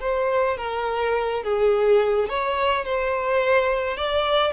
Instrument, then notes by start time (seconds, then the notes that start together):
violin
0.00 C5
0.57 A#4
1.43 G#4
2.29 C#5
2.85 C5
3.97 D5